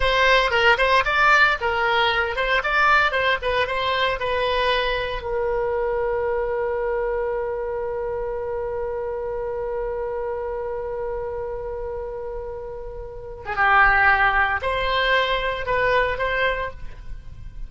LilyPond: \new Staff \with { instrumentName = "oboe" } { \time 4/4 \tempo 4 = 115 c''4 ais'8 c''8 d''4 ais'4~ | ais'8 c''8 d''4 c''8 b'8 c''4 | b'2 ais'2~ | ais'1~ |
ais'1~ | ais'1~ | ais'4.~ ais'16 gis'16 g'2 | c''2 b'4 c''4 | }